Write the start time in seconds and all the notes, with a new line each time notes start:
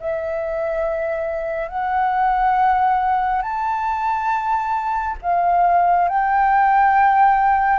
0.00 E5
1.68 F#5
3.42 A5
5.22 F5
6.08 G5